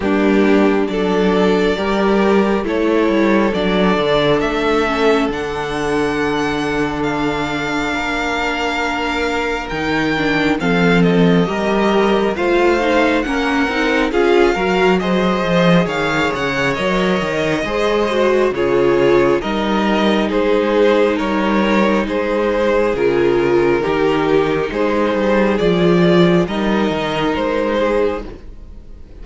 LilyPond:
<<
  \new Staff \with { instrumentName = "violin" } { \time 4/4 \tempo 4 = 68 g'4 d''2 cis''4 | d''4 e''4 fis''2 | f''2. g''4 | f''8 dis''4. f''4 fis''4 |
f''4 dis''4 f''8 fis''8 dis''4~ | dis''4 cis''4 dis''4 c''4 | cis''4 c''4 ais'2 | c''4 d''4 dis''4 c''4 | }
  \new Staff \with { instrumentName = "violin" } { \time 4/4 d'4 a'4 ais'4 a'4~ | a'1~ | a'4 ais'2. | a'4 ais'4 c''4 ais'4 |
gis'8 ais'8 c''4 cis''2 | c''4 gis'4 ais'4 gis'4 | ais'4 gis'2 g'4 | gis'2 ais'4. gis'8 | }
  \new Staff \with { instrumentName = "viola" } { \time 4/4 ais4 d'4 g'4 e'4 | d'4. cis'8 d'2~ | d'2. dis'8 d'8 | c'4 g'4 f'8 dis'8 cis'8 dis'8 |
f'8 fis'8 gis'2 ais'4 | gis'8 fis'8 f'4 dis'2~ | dis'2 f'4 dis'4~ | dis'4 f'4 dis'2 | }
  \new Staff \with { instrumentName = "cello" } { \time 4/4 g4 fis4 g4 a8 g8 | fis8 d8 a4 d2~ | d4 ais2 dis4 | f4 g4 a4 ais8 c'8 |
cis'8 fis4 f8 dis8 cis8 fis8 dis8 | gis4 cis4 g4 gis4 | g4 gis4 cis4 dis4 | gis8 g8 f4 g8 dis8 gis4 | }
>>